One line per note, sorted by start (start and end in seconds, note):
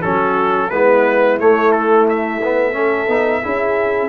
0.00 0.71 F#3
0.00 0.70 C#4
0.00 0.68 F#4
0.00 0.70 A4
0.70 1.39 G#3
0.70 1.39 B3
0.70 2.74 E4
0.70 1.38 B4
1.39 2.41 A3
1.39 3.08 A3
1.39 1.72 C#5
1.72 2.06 A4
2.09 4.09 E5
2.43 2.72 B3
2.72 3.07 C#4
2.72 3.42 A4
3.08 3.42 B3
3.08 3.43 D#4
3.43 4.09 C#4
3.43 4.09 E4
3.43 4.09 G#4